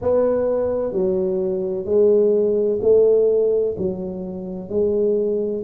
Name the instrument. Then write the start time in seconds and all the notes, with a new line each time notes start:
tuba
0.01 B3
0.92 F#3
1.85 G#3
2.81 A3
3.77 F#3
4.69 G#3